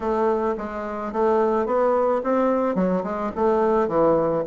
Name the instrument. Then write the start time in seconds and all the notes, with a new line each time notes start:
bassoon
0.00 A3
0.57 G#3
1.12 A3
1.66 B3
2.23 C4
2.75 F#3
3.03 G#3
3.35 A3
3.88 E3